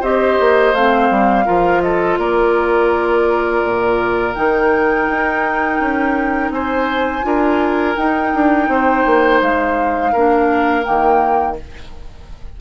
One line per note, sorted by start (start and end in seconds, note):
0.00 0.38 C4
0.00 0.74 G4
0.00 1.45 C5
0.00 0.75 D#5
0.39 0.73 A#3
0.73 1.09 A3
0.73 1.45 C4
0.73 1.81 F5
1.10 1.46 G3
1.45 2.18 F3
1.45 4.34 F4
1.45 1.81 A#4
1.81 2.19 A4
1.81 2.17 D#5
2.18 3.62 A#3
2.18 6.53 A#4
2.18 4.34 D5
3.63 4.35 A#2
4.34 5.08 D#3
4.34 7.22 D#4
4.34 6.51 G5
5.08 5.80 D#4
5.80 6.50 C#4
6.50 7.22 C4
6.50 7.25 C5
6.50 7.96 G#5
7.22 7.96 D4
7.22 7.94 F4
7.22 8.70 A#4
7.96 10.14 D#4
7.96 8.33 D#4
7.96 9.41 G5
8.34 8.68 D4
8.68 9.04 C4
8.68 10.12 C5
9.05 9.41 A#3
9.41 10.14 G#3
9.41 10.83 F5
10.12 10.86 A#3
10.12 10.83 D4
10.12 11.56 A#4
10.83 11.60 D#3
10.83 11.56 A#3
10.83 11.56 G5